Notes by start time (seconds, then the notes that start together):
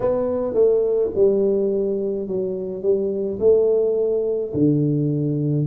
0.00 B3
0.54 A3
1.14 G3
2.27 F#3
2.82 G3
3.39 A3
4.53 D3